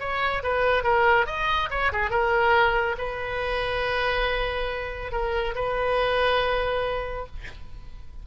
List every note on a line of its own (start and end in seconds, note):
0.00 0.43 C#5
0.43 0.84 B4
0.84 1.27 A#4
1.27 1.69 D#5
1.70 1.92 C#5
1.92 2.10 G#4
2.10 2.96 A#4
2.98 5.12 B4
5.12 5.55 A#4
5.55 7.26 B4